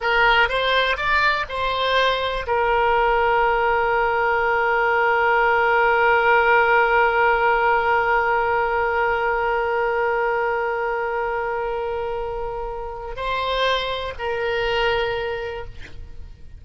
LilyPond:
\new Staff \with { instrumentName = "oboe" } { \time 4/4 \tempo 4 = 123 ais'4 c''4 d''4 c''4~ | c''4 ais'2.~ | ais'1~ | ais'1~ |
ais'1~ | ais'1~ | ais'2. c''4~ | c''4 ais'2. | }